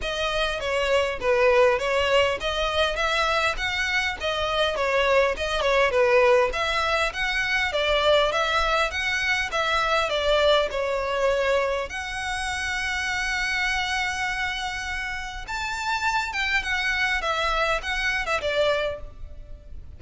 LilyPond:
\new Staff \with { instrumentName = "violin" } { \time 4/4 \tempo 4 = 101 dis''4 cis''4 b'4 cis''4 | dis''4 e''4 fis''4 dis''4 | cis''4 dis''8 cis''8 b'4 e''4 | fis''4 d''4 e''4 fis''4 |
e''4 d''4 cis''2 | fis''1~ | fis''2 a''4. g''8 | fis''4 e''4 fis''8. e''16 d''4 | }